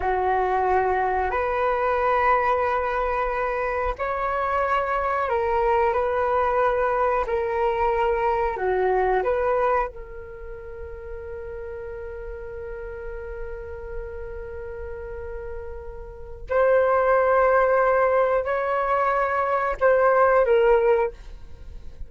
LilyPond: \new Staff \with { instrumentName = "flute" } { \time 4/4 \tempo 4 = 91 fis'2 b'2~ | b'2 cis''2 | ais'4 b'2 ais'4~ | ais'4 fis'4 b'4 ais'4~ |
ais'1~ | ais'1~ | ais'4 c''2. | cis''2 c''4 ais'4 | }